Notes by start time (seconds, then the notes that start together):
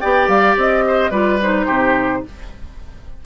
0.00 B3 G4 D5 G5
0.28 G3 F5
0.57 C4 D#5
0.87 C5
1.10 G3 F4 B4 D5
1.42 D#4 C5
1.66 C3 G4